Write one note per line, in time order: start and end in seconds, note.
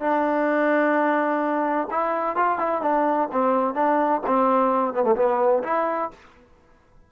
0.00 1.87 D4
1.90 2.36 E4
2.36 2.58 F4
2.58 2.81 E4
2.81 3.28 D4
3.31 3.74 C4
3.74 4.21 D4
4.26 4.94 C4
4.94 5.03 B3
5.03 5.15 A3
5.16 5.62 B3
5.63 6.10 E4